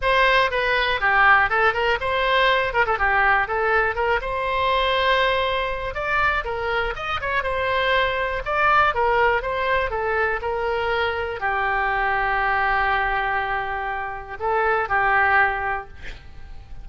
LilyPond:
\new Staff \with { instrumentName = "oboe" } { \time 4/4 \tempo 4 = 121 c''4 b'4 g'4 a'8 ais'8 | c''4. ais'16 a'16 g'4 a'4 | ais'8 c''2.~ c''8 | d''4 ais'4 dis''8 cis''8 c''4~ |
c''4 d''4 ais'4 c''4 | a'4 ais'2 g'4~ | g'1~ | g'4 a'4 g'2 | }